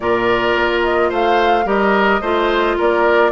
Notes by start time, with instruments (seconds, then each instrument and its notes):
0.00 bassoon A#2, clarinet F4, oboe A#4, flute D5
0.55 bassoon A#3
0.83 flute D#5
1.09 bassoon A3, oboe C5, flute F5
1.65 bassoon G3, clarinet G4, oboe A#4, flute D#5
2.20 bassoon A3, clarinet F4, oboe C5
2.77 bassoon A#3, oboe A#4, flute D5